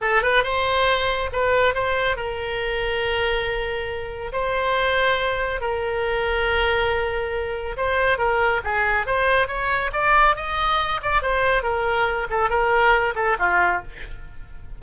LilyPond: \new Staff \with { instrumentName = "oboe" } { \time 4/4 \tempo 4 = 139 a'8 b'8 c''2 b'4 | c''4 ais'2.~ | ais'2 c''2~ | c''4 ais'2.~ |
ais'2 c''4 ais'4 | gis'4 c''4 cis''4 d''4 | dis''4. d''8 c''4 ais'4~ | ais'8 a'8 ais'4. a'8 f'4 | }